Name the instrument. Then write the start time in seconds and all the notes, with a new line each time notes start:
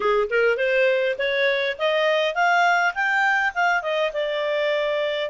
clarinet
0.00 G#4
0.29 A#4
0.57 C5
1.18 C#5
1.78 D#5
2.34 F5
2.94 G5
3.54 F5
3.82 D#5
4.13 D5